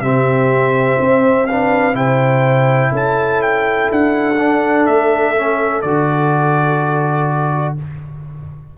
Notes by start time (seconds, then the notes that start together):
0.00 C3 C4 G4 E5
1.00 C4 C5
1.46 D4 B4 F5
1.93 C3 E4 C5 G5
2.92 C#4 A4 A5
3.42 G5
3.91 D4 F#5
4.38 D4
4.86 A3 E5
5.35 C#4
5.81 D3 F#4 D5